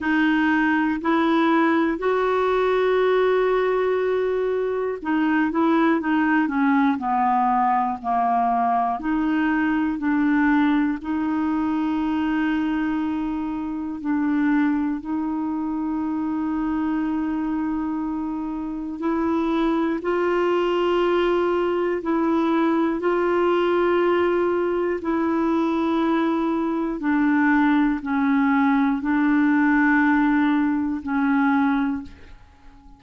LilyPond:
\new Staff \with { instrumentName = "clarinet" } { \time 4/4 \tempo 4 = 60 dis'4 e'4 fis'2~ | fis'4 dis'8 e'8 dis'8 cis'8 b4 | ais4 dis'4 d'4 dis'4~ | dis'2 d'4 dis'4~ |
dis'2. e'4 | f'2 e'4 f'4~ | f'4 e'2 d'4 | cis'4 d'2 cis'4 | }